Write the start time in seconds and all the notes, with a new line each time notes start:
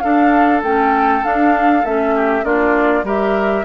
0.00 D4 A4 F5
0.63 A3 C#4 G5
1.23 D4 F5
1.84 A3 C#4 E5
2.16 G4
2.44 A#3 D4 F4 D5
3.04 G3 G4 A#4 E5